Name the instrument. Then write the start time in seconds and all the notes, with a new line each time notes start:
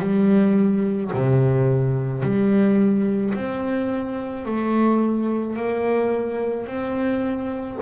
double bass
0.00 G3
1.13 C3
2.23 G3
3.34 C4
4.45 A3
5.57 A#3
6.67 C4